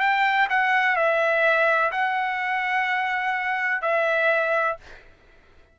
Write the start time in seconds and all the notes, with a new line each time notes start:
0.00 G5
0.49 F#5
0.96 E5
1.92 F#5
3.82 E5